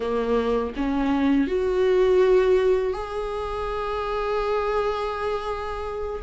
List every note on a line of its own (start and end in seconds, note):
0.00 0.73 A#3
0.76 1.47 C#4
1.47 2.93 F#4
2.93 6.22 G#4